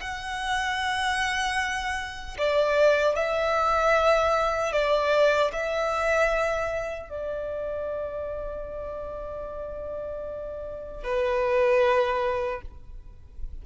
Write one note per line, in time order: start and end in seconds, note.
0.00 2.37 F#5
2.38 3.15 D5
3.15 4.72 E5
4.72 5.51 D5
5.52 7.09 E5
7.09 11.03 D5
11.03 12.61 B4